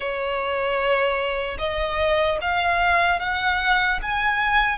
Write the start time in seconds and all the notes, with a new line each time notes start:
0.00 C#5
1.58 D#5
2.41 F5
3.19 F#5
4.02 G#5